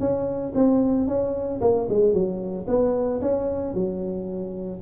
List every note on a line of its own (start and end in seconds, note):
0.00 0.53 C#4
0.55 1.07 C4
1.07 1.60 C#4
1.61 1.88 A#3
1.89 2.13 G#3
2.13 2.66 F#3
2.67 3.21 B3
3.21 3.75 C#4
3.75 4.81 F#3